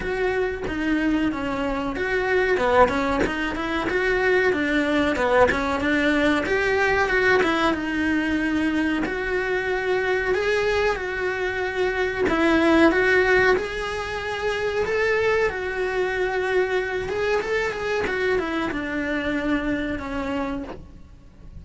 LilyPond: \new Staff \with { instrumentName = "cello" } { \time 4/4 \tempo 4 = 93 fis'4 dis'4 cis'4 fis'4 | b8 cis'8 dis'8 e'8 fis'4 d'4 | b8 cis'8 d'4 g'4 fis'8 e'8 | dis'2 fis'2 |
gis'4 fis'2 e'4 | fis'4 gis'2 a'4 | fis'2~ fis'8 gis'8 a'8 gis'8 | fis'8 e'8 d'2 cis'4 | }